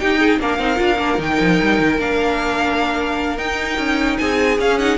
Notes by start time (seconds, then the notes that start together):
0.00 D#4 G4 G5
0.20 G#4
0.40 A#3 D4 A#4 F5
0.59 C4 D#4
0.77 D4 F4
0.99 A#3 D4
1.18 D#3 D#4 G5
1.41 F3
1.62 G3
1.79 D#3
1.99 A#3 D4 F5
3.38 D#4 G5
3.79 C#4
4.19 C4 G#4 G#5
4.60 C#4 F5
4.79 D#4 F#5